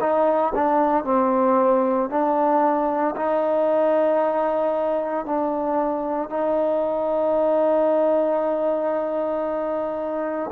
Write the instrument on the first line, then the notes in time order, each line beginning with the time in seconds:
trombone
0.00 D#4
0.55 D4
1.04 C4
2.10 D4
3.16 D#4
5.25 D4
6.30 D#4